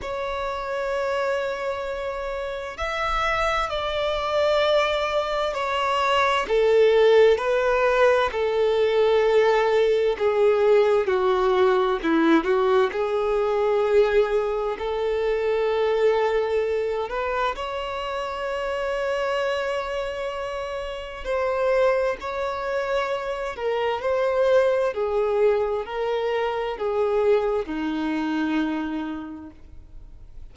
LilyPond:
\new Staff \with { instrumentName = "violin" } { \time 4/4 \tempo 4 = 65 cis''2. e''4 | d''2 cis''4 a'4 | b'4 a'2 gis'4 | fis'4 e'8 fis'8 gis'2 |
a'2~ a'8 b'8 cis''4~ | cis''2. c''4 | cis''4. ais'8 c''4 gis'4 | ais'4 gis'4 dis'2 | }